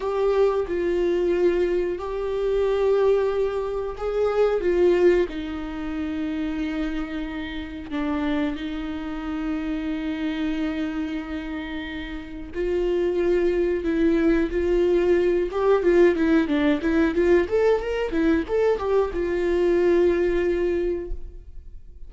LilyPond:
\new Staff \with { instrumentName = "viola" } { \time 4/4 \tempo 4 = 91 g'4 f'2 g'4~ | g'2 gis'4 f'4 | dis'1 | d'4 dis'2.~ |
dis'2. f'4~ | f'4 e'4 f'4. g'8 | f'8 e'8 d'8 e'8 f'8 a'8 ais'8 e'8 | a'8 g'8 f'2. | }